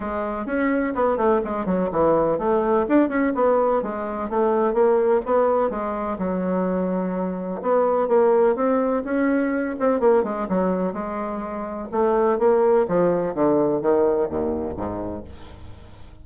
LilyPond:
\new Staff \with { instrumentName = "bassoon" } { \time 4/4 \tempo 4 = 126 gis4 cis'4 b8 a8 gis8 fis8 | e4 a4 d'8 cis'8 b4 | gis4 a4 ais4 b4 | gis4 fis2. |
b4 ais4 c'4 cis'4~ | cis'8 c'8 ais8 gis8 fis4 gis4~ | gis4 a4 ais4 f4 | d4 dis4 dis,4 gis,4 | }